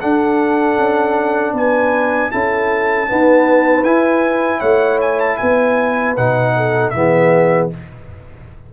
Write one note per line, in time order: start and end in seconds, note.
0.00 2.32 D4
0.00 0.78 D4
0.00 1.54 A4
0.00 1.55 F#5
0.78 1.53 C#4
1.53 2.30 B3
1.53 2.31 B4
1.53 2.32 G#5
2.32 3.11 C#4
2.32 3.07 E4
2.32 3.09 A4
2.32 3.84 A5
3.07 3.84 B3
3.07 3.84 D#4
3.07 4.59 B4
3.84 4.61 E4
3.84 6.16 E4
3.84 4.61 G#5
4.59 5.39 A3
4.59 5.36 C#5
4.59 4.99 F#5
5.01 5.20 G#5
5.20 5.37 A5
5.37 6.17 B3
5.37 6.55 B4
5.37 6.14 G#5
6.17 6.94 B2
6.17 6.94 D#4
6.17 6.90 F#5
6.57 6.95 A4
6.90 7.72 E3
6.90 7.71 B3
6.90 7.67 E5
6.97 7.74 G#4